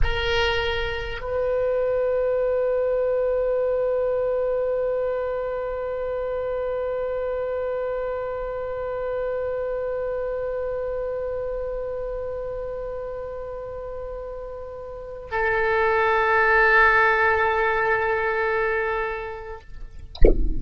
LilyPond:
\new Staff \with { instrumentName = "oboe" } { \time 4/4 \tempo 4 = 98 ais'2 b'2~ | b'1~ | b'1~ | b'1~ |
b'1~ | b'1~ | b'4 a'2.~ | a'1 | }